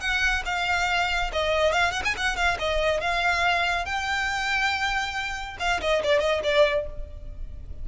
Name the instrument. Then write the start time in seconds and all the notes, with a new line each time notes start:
violin
0.00 F#5
0.45 F5
1.32 D#5
1.72 F5
1.91 F#5
2.04 G#5
2.17 F#5
2.36 F5
2.59 D#5
3.00 F5
3.85 G5
5.59 F5
5.81 D#5
6.03 D5
6.19 D#5
6.43 D5